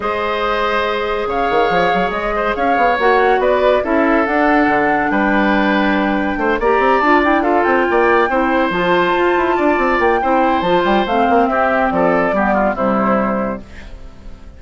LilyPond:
<<
  \new Staff \with { instrumentName = "flute" } { \time 4/4 \tempo 4 = 141 dis''2. f''4~ | f''4 dis''4 f''4 fis''4 | d''4 e''4 fis''2 | g''2.~ g''8 ais''8~ |
ais''8 a''8 g''8 f''8 g''2~ | g''8 a''2. g''8~ | g''4 a''8 g''8 f''4 e''4 | d''2 c''2 | }
  \new Staff \with { instrumentName = "oboe" } { \time 4/4 c''2. cis''4~ | cis''4. c''8 cis''2 | b'4 a'2. | b'2. c''8 d''8~ |
d''4. a'4 d''4 c''8~ | c''2~ c''8 d''4. | c''2. g'4 | a'4 g'8 f'8 e'2 | }
  \new Staff \with { instrumentName = "clarinet" } { \time 4/4 gis'1~ | gis'2. fis'4~ | fis'4 e'4 d'2~ | d'2.~ d'8 g'8~ |
g'8 f'8 e'8 f'2 e'8~ | e'8 f'2.~ f'8 | e'4 f'4 c'2~ | c'4 b4 g2 | }
  \new Staff \with { instrumentName = "bassoon" } { \time 4/4 gis2. cis8 dis8 | f8 fis8 gis4 cis'8 b8 ais4 | b4 cis'4 d'4 d4 | g2. a8 ais8 |
c'8 d'4. c'8 ais4 c'8~ | c'8 f4 f'8 e'8 d'8 c'8 ais8 | c'4 f8 g8 a8 ais8 c'4 | f4 g4 c2 | }
>>